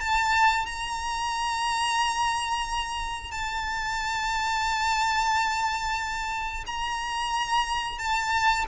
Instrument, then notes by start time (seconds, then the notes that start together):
violin
0.00 A5
0.66 A#5
3.31 A5
6.66 A#5
7.98 A5